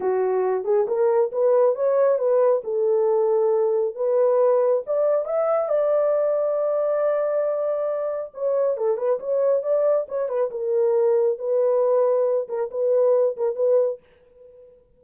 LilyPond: \new Staff \with { instrumentName = "horn" } { \time 4/4 \tempo 4 = 137 fis'4. gis'8 ais'4 b'4 | cis''4 b'4 a'2~ | a'4 b'2 d''4 | e''4 d''2.~ |
d''2. cis''4 | a'8 b'8 cis''4 d''4 cis''8 b'8 | ais'2 b'2~ | b'8 ais'8 b'4. ais'8 b'4 | }